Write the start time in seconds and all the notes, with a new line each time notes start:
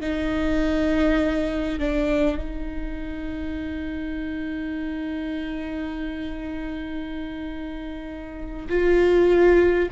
0.00 D#4
1.79 D4
2.37 D#4
8.68 F4